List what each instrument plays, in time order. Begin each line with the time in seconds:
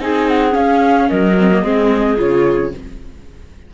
0.00 cello C4, viola D#4, clarinet G#4, flute G#5
0.28 flute F#5
0.50 viola C#4, cello C#4, flute F5
1.09 cello F#3, clarinet A#4, flute D#5
1.39 viola C4
1.51 viola A#3
1.62 cello G#3, viola C4, clarinet G#4
2.17 cello C#3, viola F4, flute C#5